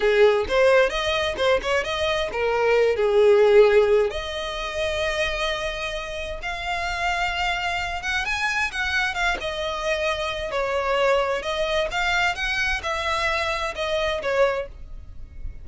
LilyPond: \new Staff \with { instrumentName = "violin" } { \time 4/4 \tempo 4 = 131 gis'4 c''4 dis''4 c''8 cis''8 | dis''4 ais'4. gis'4.~ | gis'4 dis''2.~ | dis''2 f''2~ |
f''4. fis''8 gis''4 fis''4 | f''8 dis''2~ dis''8 cis''4~ | cis''4 dis''4 f''4 fis''4 | e''2 dis''4 cis''4 | }